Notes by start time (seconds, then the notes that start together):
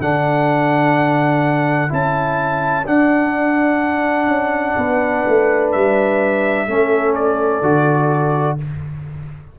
0.00 D3 D4 A4 F#5
1.88 C#4 E4 A5
2.87 D4 F#5
4.27 C#4
4.76 B3 B4
5.27 A3
5.71 G3 E5
6.67 A3 C#4 A4
7.15 D5
7.62 D3 F#4